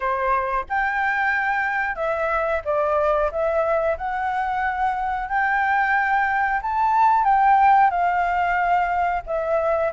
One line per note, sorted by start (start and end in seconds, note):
0.00 0.65 C5
0.69 1.95 G5
1.95 2.61 E5
2.64 3.30 D5
3.31 3.97 E5
3.97 5.28 F#5
5.28 6.60 G5
6.61 7.24 A5
7.24 7.90 G5
7.90 9.22 F5
9.26 9.92 E5